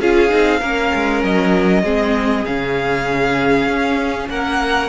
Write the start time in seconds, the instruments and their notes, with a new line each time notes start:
0.00 cello C#4, viola F4, violin G#4 F5
0.29 cello C4, viola D#4
0.60 cello A#3, viola C#4, violin A#4
0.95 cello G#3
1.24 cello F#3, violin D#5
1.84 cello G#3, viola C4, violin G#4
2.45 cello C#3, viola C#4, violin F5
3.67 cello C#4
4.29 cello A#3, violin A#4 F#5